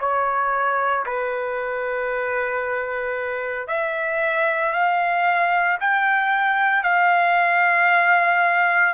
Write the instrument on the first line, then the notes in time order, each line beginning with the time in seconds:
trumpet
0.00 C#5
1.06 B4
3.68 E5
4.73 F5
5.81 G5
6.84 F5